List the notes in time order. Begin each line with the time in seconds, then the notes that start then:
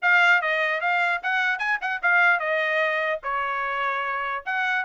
0.01 F5
0.41 D#5
0.80 F5
1.22 F#5
1.58 G#5
1.81 F#5
2.02 F5
2.39 D#5
3.23 C#5
4.45 F#5